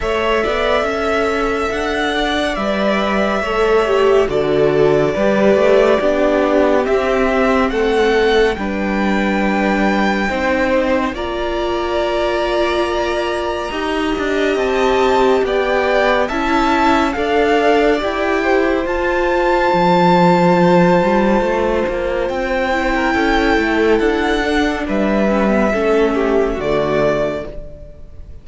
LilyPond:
<<
  \new Staff \with { instrumentName = "violin" } { \time 4/4 \tempo 4 = 70 e''2 fis''4 e''4~ | e''4 d''2. | e''4 fis''4 g''2~ | g''4 ais''2.~ |
ais''4 a''4 g''4 a''4 | f''4 g''4 a''2~ | a''2 g''2 | fis''4 e''2 d''4 | }
  \new Staff \with { instrumentName = "violin" } { \time 4/4 cis''8 d''8 e''4. d''4. | cis''4 a'4 b'4 g'4~ | g'4 a'4 b'2 | c''4 d''2. |
dis''2 d''4 e''4 | d''4. c''2~ c''8~ | c''2~ c''8. ais'16 a'4~ | a'4 b'4 a'8 g'8 fis'4 | }
  \new Staff \with { instrumentName = "viola" } { \time 4/4 a'2. b'4 | a'8 g'8 fis'4 g'4 d'4 | c'2 d'2 | dis'4 f'2. |
g'2. e'4 | a'4 g'4 f'2~ | f'2~ f'8 e'4.~ | e'8 d'4 cis'16 b16 cis'4 a4 | }
  \new Staff \with { instrumentName = "cello" } { \time 4/4 a8 b8 cis'4 d'4 g4 | a4 d4 g8 a8 b4 | c'4 a4 g2 | c'4 ais2. |
dis'8 d'8 c'4 b4 cis'4 | d'4 e'4 f'4 f4~ | f8 g8 a8 ais8 c'4 cis'8 a8 | d'4 g4 a4 d4 | }
>>